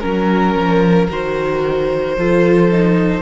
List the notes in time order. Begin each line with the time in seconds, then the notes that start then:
0.00 F#3 C#4 A#4
0.55 F3
1.09 D#3 F#4 C5
2.16 F3 F4 A4
2.71 D#4